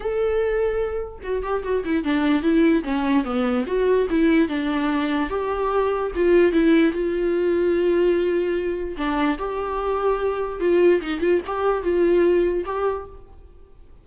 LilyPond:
\new Staff \with { instrumentName = "viola" } { \time 4/4 \tempo 4 = 147 a'2. fis'8 g'8 | fis'8 e'8 d'4 e'4 cis'4 | b4 fis'4 e'4 d'4~ | d'4 g'2 f'4 |
e'4 f'2.~ | f'2 d'4 g'4~ | g'2 f'4 dis'8 f'8 | g'4 f'2 g'4 | }